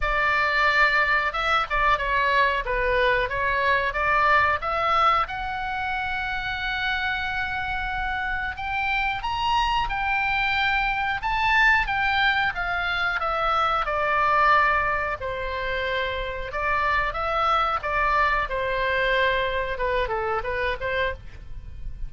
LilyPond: \new Staff \with { instrumentName = "oboe" } { \time 4/4 \tempo 4 = 91 d''2 e''8 d''8 cis''4 | b'4 cis''4 d''4 e''4 | fis''1~ | fis''4 g''4 ais''4 g''4~ |
g''4 a''4 g''4 f''4 | e''4 d''2 c''4~ | c''4 d''4 e''4 d''4 | c''2 b'8 a'8 b'8 c''8 | }